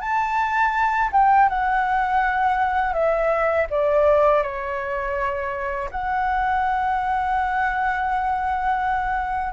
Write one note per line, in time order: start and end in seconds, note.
0.00 1.10 A5
1.12 1.49 G5
1.49 2.93 F#5
2.93 3.67 E5
3.70 4.43 D5
4.43 5.89 C#5
5.91 9.53 F#5